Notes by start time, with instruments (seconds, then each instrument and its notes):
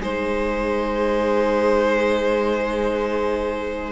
0.00 cello G#3, viola D#4, violin G#4 C5